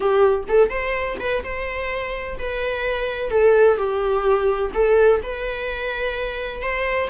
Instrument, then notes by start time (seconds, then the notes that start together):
viola
0.00 G4
0.48 A4
0.69 C5
1.19 B4
1.43 C5
2.38 B4
3.30 A4
3.77 G4
4.74 A4
5.22 B4
6.61 C5